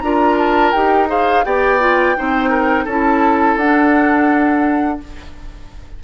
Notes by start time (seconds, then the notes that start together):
0.00 D4 F4 A#4 A#5
0.38 A5
0.72 D#4 G4 G5
1.08 G#4 C5 F5
1.45 B3 G4 D5 G5
1.80 F4
2.16 C4 D#4 C5
2.50 A#4
2.85 C#4 E4 A4 A5
3.56 D4 F#5